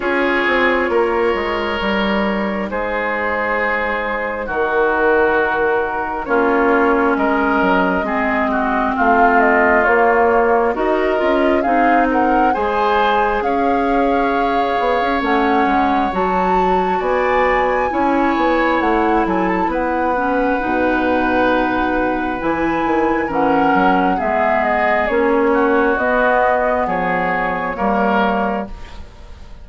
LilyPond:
<<
  \new Staff \with { instrumentName = "flute" } { \time 4/4 \tempo 4 = 67 cis''2. c''4~ | c''4 ais'2 cis''4 | dis''2 f''8 dis''8 cis''4 | dis''4 f''8 fis''8 gis''4 f''4~ |
f''4 fis''4 a''4 gis''4~ | gis''4 fis''8 gis''16 a''16 fis''2~ | fis''4 gis''4 fis''4 e''8 dis''8 | cis''4 dis''4 cis''2 | }
  \new Staff \with { instrumentName = "oboe" } { \time 4/4 gis'4 ais'2 gis'4~ | gis'4 fis'2 f'4 | ais'4 gis'8 fis'8 f'2 | ais'4 gis'8 ais'8 c''4 cis''4~ |
cis''2. d''4 | cis''4. a'8 b'2~ | b'2 ais'4 gis'4~ | gis'8 fis'4. gis'4 ais'4 | }
  \new Staff \with { instrumentName = "clarinet" } { \time 4/4 f'2 dis'2~ | dis'2. cis'4~ | cis'4 c'2 ais4 | fis'8 f'8 dis'4 gis'2~ |
gis'4 cis'4 fis'2 | e'2~ e'8 cis'8 dis'4~ | dis'4 e'4 cis'4 b4 | cis'4 b2 ais4 | }
  \new Staff \with { instrumentName = "bassoon" } { \time 4/4 cis'8 c'8 ais8 gis8 g4 gis4~ | gis4 dis2 ais4 | gis8 fis8 gis4 a4 ais4 | dis'8 cis'8 c'4 gis4 cis'4~ |
cis'8 b16 cis'16 a8 gis8 fis4 b4 | cis'8 b8 a8 fis8 b4 b,4~ | b,4 e8 dis8 e8 fis8 gis4 | ais4 b4 f4 g4 | }
>>